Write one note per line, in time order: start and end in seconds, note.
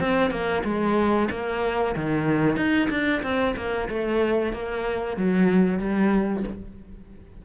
0.00 0.31 C4
0.31 0.63 A#3
0.65 1.29 G#3
1.31 1.95 A#3
1.96 2.57 D#3
2.57 2.89 D#4
2.90 3.23 D4
3.23 3.55 C4
3.57 3.89 A#3
3.89 4.53 A3
4.53 5.17 A#3
5.17 5.79 F#3
5.79 6.44 G3